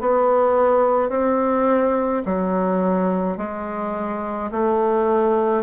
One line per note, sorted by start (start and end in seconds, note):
0.00 1.09 B3
1.09 2.22 C4
2.25 3.37 F#3
3.37 4.50 G#3
4.51 5.63 A3